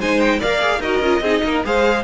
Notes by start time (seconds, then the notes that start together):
0.00 G#3 D#4 C5 G#5
0.20 G5
0.39 A#3 A#4 D5 F5
0.60 G#4
0.79 D#4 F#4 A#4 D#5
1.00 C#4 F4
1.20 C4 D#4 G#4
1.44 A#3 A#4
1.64 G#3 G#4 C5 F5